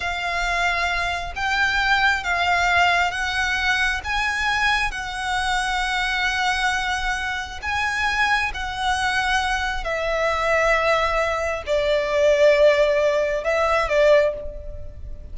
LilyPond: \new Staff \with { instrumentName = "violin" } { \time 4/4 \tempo 4 = 134 f''2. g''4~ | g''4 f''2 fis''4~ | fis''4 gis''2 fis''4~ | fis''1~ |
fis''4 gis''2 fis''4~ | fis''2 e''2~ | e''2 d''2~ | d''2 e''4 d''4 | }